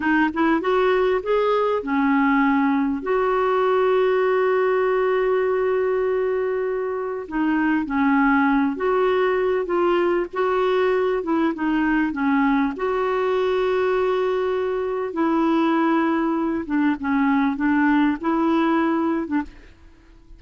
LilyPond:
\new Staff \with { instrumentName = "clarinet" } { \time 4/4 \tempo 4 = 99 dis'8 e'8 fis'4 gis'4 cis'4~ | cis'4 fis'2.~ | fis'1 | dis'4 cis'4. fis'4. |
f'4 fis'4. e'8 dis'4 | cis'4 fis'2.~ | fis'4 e'2~ e'8 d'8 | cis'4 d'4 e'4.~ e'16 d'16 | }